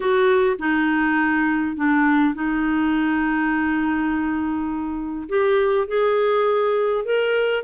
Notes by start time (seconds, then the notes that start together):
0.00 F#4
0.59 D#4
1.76 D4
2.34 D#4
5.28 G4
5.87 G#4
7.04 A#4